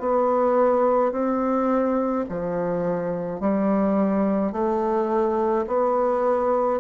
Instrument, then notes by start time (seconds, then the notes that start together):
bassoon
0.00 B3
1.12 C4
2.30 F3
3.41 G3
4.53 A3
5.68 B3